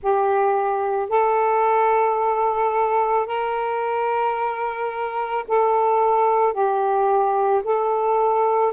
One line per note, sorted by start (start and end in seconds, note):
0.02 1.09 G4
1.09 3.26 A4
3.26 5.44 A#4
5.48 6.53 A4
6.53 7.62 G4
7.64 8.72 A4